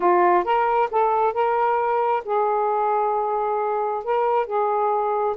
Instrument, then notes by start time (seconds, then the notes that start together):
saxophone
0.00 F4
0.44 A#4
0.90 A4
1.33 A#4
2.24 G#4
4.04 A#4
4.46 G#4